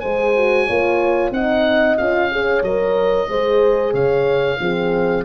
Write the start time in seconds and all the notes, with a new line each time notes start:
0.00 G#3 G#4 C5 G#5
0.36 F#4
0.66 A#3 F4 C#5
1.31 C4 D#4 D#5 F#5
1.97 C#4 F4 F5
2.31 G#4 C#5
2.62 F#3 A#4 D#5
3.28 G#3 G#4 C5
3.92 C#3 C#5 F5
4.60 F3 C4 G#4